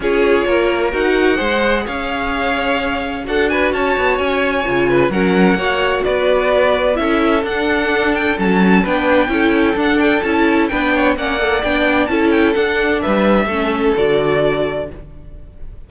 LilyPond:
<<
  \new Staff \with { instrumentName = "violin" } { \time 4/4 \tempo 4 = 129 cis''2 fis''2 | f''2. fis''8 gis''8 | a''4 gis''2 fis''4~ | fis''4 d''2 e''4 |
fis''4. g''8 a''4 g''4~ | g''4 fis''8 g''8 a''4 g''4 | fis''4 g''4 a''8 g''8 fis''4 | e''2 d''2 | }
  \new Staff \with { instrumentName = "violin" } { \time 4/4 gis'4 ais'2 c''4 | cis''2. a'8 b'8 | cis''2~ cis''8 b'8 ais'4 | cis''4 b'2 a'4~ |
a'2. b'4 | a'2. b'8 cis''8 | d''2 a'2 | b'4 a'2. | }
  \new Staff \with { instrumentName = "viola" } { \time 4/4 f'2 fis'4 gis'4~ | gis'2. fis'4~ | fis'2 f'4 cis'4 | fis'2. e'4 |
d'2 cis'4 d'4 | e'4 d'4 e'4 d'4 | cis'8 a'8 d'4 e'4 d'4~ | d'4 cis'4 fis'2 | }
  \new Staff \with { instrumentName = "cello" } { \time 4/4 cis'4 ais4 dis'4 gis4 | cis'2. d'4 | cis'8 b8 cis'4 cis4 fis4 | ais4 b2 cis'4 |
d'2 fis4 b4 | cis'4 d'4 cis'4 b4 | ais4 b4 cis'4 d'4 | g4 a4 d2 | }
>>